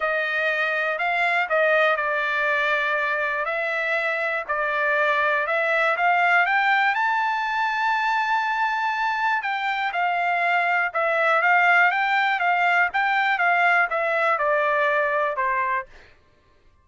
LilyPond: \new Staff \with { instrumentName = "trumpet" } { \time 4/4 \tempo 4 = 121 dis''2 f''4 dis''4 | d''2. e''4~ | e''4 d''2 e''4 | f''4 g''4 a''2~ |
a''2. g''4 | f''2 e''4 f''4 | g''4 f''4 g''4 f''4 | e''4 d''2 c''4 | }